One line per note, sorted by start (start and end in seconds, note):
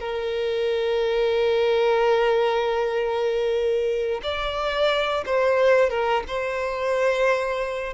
0.00 4.21 A#4
4.23 5.24 D5
5.26 5.90 C5
5.90 6.24 A#4
6.28 7.94 C5